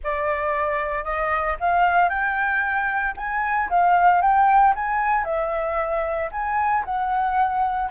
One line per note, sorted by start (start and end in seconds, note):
0.03 1.04 D5
1.04 1.56 D#5
1.60 2.09 F5
2.09 3.14 G5
3.16 3.69 G#5
3.69 4.21 F5
4.21 4.74 G5
4.75 5.24 G#5
5.24 6.29 E5
6.31 6.84 G#5
6.84 7.90 F#5